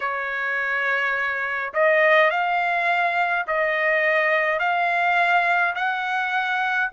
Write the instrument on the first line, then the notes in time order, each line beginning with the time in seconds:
trumpet
0.00 C#5
1.73 D#5
2.30 F5
3.47 D#5
4.58 F5
5.75 F#5